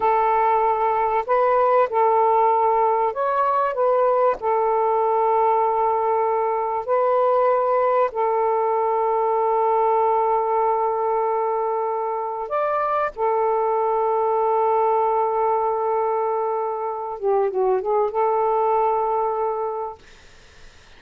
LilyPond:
\new Staff \with { instrumentName = "saxophone" } { \time 4/4 \tempo 4 = 96 a'2 b'4 a'4~ | a'4 cis''4 b'4 a'4~ | a'2. b'4~ | b'4 a'2.~ |
a'1 | d''4 a'2.~ | a'2.~ a'8 g'8 | fis'8 gis'8 a'2. | }